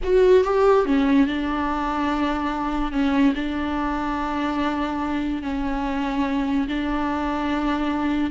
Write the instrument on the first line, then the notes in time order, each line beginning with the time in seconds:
viola
0.03 F#4
0.44 G4
0.85 C#4
1.27 D4
2.91 C#4
3.35 D4
5.42 C#4
6.68 D4